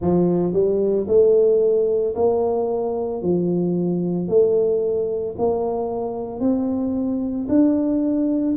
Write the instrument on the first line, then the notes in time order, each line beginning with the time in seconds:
tuba
0.00 F3
0.53 G3
1.07 A3
2.15 A#3
3.21 F3
4.28 A3
5.38 A#3
6.40 C4
7.48 D4